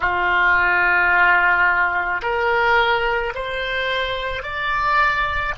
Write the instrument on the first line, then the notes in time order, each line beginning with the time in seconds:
oboe
0.00 F4
2.22 A#4
3.34 C5
4.42 D5